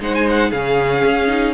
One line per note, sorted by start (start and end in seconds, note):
0.00 0.52 G#3
0.00 0.53 D#4
0.00 0.51 C5
0.00 0.15 F#5
0.15 0.28 G#5
0.30 0.52 F#5
0.51 1.04 C#3
0.51 1.28 C#4
0.51 1.54 G#4
0.51 1.54 F5
1.05 1.54 C#4
1.28 1.54 D#4